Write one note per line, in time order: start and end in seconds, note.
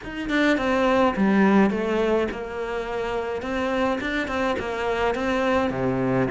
0.04 0.29 D#4
0.29 0.57 D4
0.57 1.15 C4
1.16 1.70 G3
1.70 2.27 A3
2.31 3.42 A#3
3.42 3.99 C4
4.00 4.27 D4
4.27 4.56 C4
4.59 5.14 A#3
5.14 5.70 C4
5.70 6.27 C3